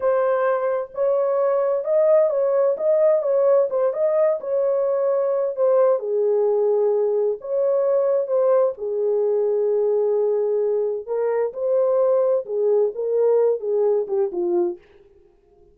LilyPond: \new Staff \with { instrumentName = "horn" } { \time 4/4 \tempo 4 = 130 c''2 cis''2 | dis''4 cis''4 dis''4 cis''4 | c''8 dis''4 cis''2~ cis''8 | c''4 gis'2. |
cis''2 c''4 gis'4~ | gis'1 | ais'4 c''2 gis'4 | ais'4. gis'4 g'8 f'4 | }